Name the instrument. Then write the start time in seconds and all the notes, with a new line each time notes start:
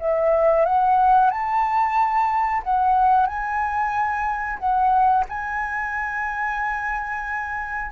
flute
0.00 E5
0.66 F#5
1.31 A5
2.64 F#5
3.27 G#5
4.59 F#5
5.29 G#5